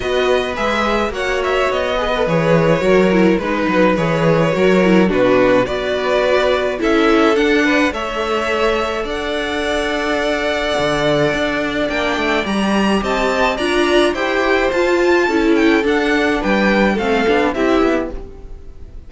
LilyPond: <<
  \new Staff \with { instrumentName = "violin" } { \time 4/4 \tempo 4 = 106 dis''4 e''4 fis''8 e''8 dis''4 | cis''2 b'4 cis''4~ | cis''4 b'4 d''2 | e''4 fis''4 e''2 |
fis''1~ | fis''4 g''4 ais''4 a''4 | ais''4 g''4 a''4. g''8 | fis''4 g''4 f''4 e''4 | }
  \new Staff \with { instrumentName = "violin" } { \time 4/4 b'2 cis''4. b'8~ | b'4 ais'4 b'2 | ais'4 fis'4 b'2 | a'4. b'8 cis''2 |
d''1~ | d''2. dis''4 | d''4 c''2 a'4~ | a'4 b'4 a'4 g'4 | }
  \new Staff \with { instrumentName = "viola" } { \time 4/4 fis'4 gis'4 fis'4. gis'16 a'16 | gis'4 fis'8 e'8 dis'4 gis'4 | fis'8 e'8 d'4 fis'2 | e'4 d'4 a'2~ |
a'1~ | a'4 d'4 g'2 | f'4 g'4 f'4 e'4 | d'2 c'8 d'8 e'4 | }
  \new Staff \with { instrumentName = "cello" } { \time 4/4 b4 gis4 ais4 b4 | e4 fis4 gis8 fis8 e4 | fis4 b,4 b2 | cis'4 d'4 a2 |
d'2. d4 | d'4 ais8 a8 g4 c'4 | d'4 e'4 f'4 cis'4 | d'4 g4 a8 b8 c'8 b8 | }
>>